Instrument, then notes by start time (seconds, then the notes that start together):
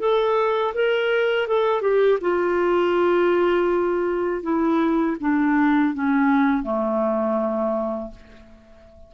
clarinet
0.00 A4
0.75 A#4
1.48 A4
1.82 G4
2.22 F4
4.43 E4
5.21 D4
5.94 C#4
6.63 A3